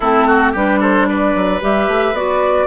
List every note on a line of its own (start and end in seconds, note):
0.00 0.54 A3
0.00 0.55 C4
0.00 0.26 E4
0.00 0.52 A4
0.26 0.52 F#4
0.52 1.35 G3
0.52 1.60 D4
0.52 0.78 G4
0.52 0.81 B4
0.80 1.06 A4
0.80 1.06 C5
1.06 2.66 B4
1.06 1.60 D5
1.35 1.62 F#3
1.60 1.87 G3
1.60 2.14 G4
1.60 2.15 E5
1.87 2.12 A3
2.12 2.66 B3
2.12 2.66 F#4
2.12 2.66 D5